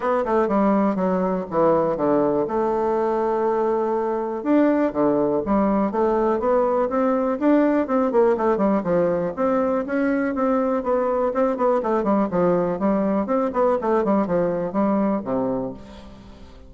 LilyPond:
\new Staff \with { instrumentName = "bassoon" } { \time 4/4 \tempo 4 = 122 b8 a8 g4 fis4 e4 | d4 a2.~ | a4 d'4 d4 g4 | a4 b4 c'4 d'4 |
c'8 ais8 a8 g8 f4 c'4 | cis'4 c'4 b4 c'8 b8 | a8 g8 f4 g4 c'8 b8 | a8 g8 f4 g4 c4 | }